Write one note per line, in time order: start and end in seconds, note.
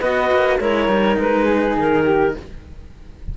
0.00 0.31 B3
0.00 0.59 F#4
0.00 0.58 B4
0.00 0.58 D#5
0.31 0.60 A#3
0.60 0.87 G#3
0.60 0.89 E4
0.60 1.45 A#4
0.60 1.18 C#5
0.87 1.16 G3
0.87 2.34 D#4
1.19 1.77 G#3
1.19 1.77 B4
1.45 2.03 G#4
1.77 2.35 D#3
1.77 2.37 A#4
2.04 2.34 G4